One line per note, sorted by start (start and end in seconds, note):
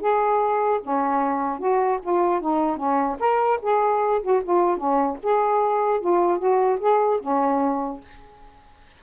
0.00 0.80 G#4
0.82 1.59 C#4
1.59 1.99 F#4
2.02 2.41 F4
2.41 2.77 D#4
2.77 3.17 C#4
3.19 3.59 A#4
3.62 4.22 G#4
4.22 4.42 F#4
4.43 4.77 F4
4.77 5.17 C#4
5.23 6.00 G#4
6.00 6.38 F4
6.38 6.78 F#4
6.80 7.20 G#4
7.21 8.01 C#4